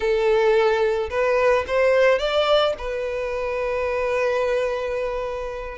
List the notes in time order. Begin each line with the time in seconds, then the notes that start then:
0.00 A4
1.10 B4
1.67 C5
2.18 D5
2.78 B4